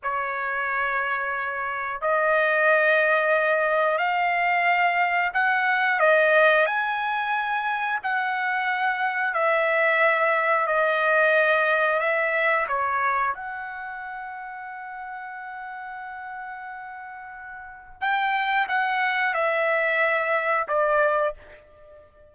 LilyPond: \new Staff \with { instrumentName = "trumpet" } { \time 4/4 \tempo 4 = 90 cis''2. dis''4~ | dis''2 f''2 | fis''4 dis''4 gis''2 | fis''2 e''2 |
dis''2 e''4 cis''4 | fis''1~ | fis''2. g''4 | fis''4 e''2 d''4 | }